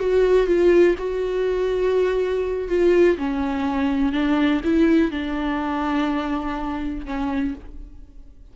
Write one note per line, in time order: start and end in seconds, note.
0.00 0.47 F#4
0.47 0.96 F4
0.99 2.69 F#4
2.69 3.18 F4
3.18 4.13 C#4
4.13 4.62 D4
4.65 5.12 E4
5.12 7.06 D4
7.06 7.55 C#4